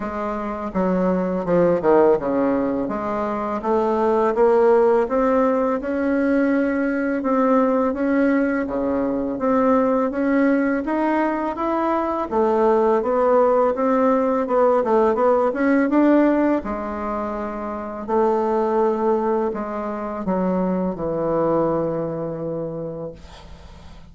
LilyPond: \new Staff \with { instrumentName = "bassoon" } { \time 4/4 \tempo 4 = 83 gis4 fis4 f8 dis8 cis4 | gis4 a4 ais4 c'4 | cis'2 c'4 cis'4 | cis4 c'4 cis'4 dis'4 |
e'4 a4 b4 c'4 | b8 a8 b8 cis'8 d'4 gis4~ | gis4 a2 gis4 | fis4 e2. | }